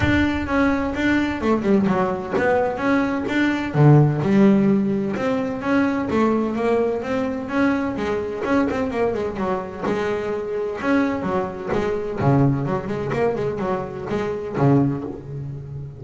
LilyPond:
\new Staff \with { instrumentName = "double bass" } { \time 4/4 \tempo 4 = 128 d'4 cis'4 d'4 a8 g8 | fis4 b4 cis'4 d'4 | d4 g2 c'4 | cis'4 a4 ais4 c'4 |
cis'4 gis4 cis'8 c'8 ais8 gis8 | fis4 gis2 cis'4 | fis4 gis4 cis4 fis8 gis8 | ais8 gis8 fis4 gis4 cis4 | }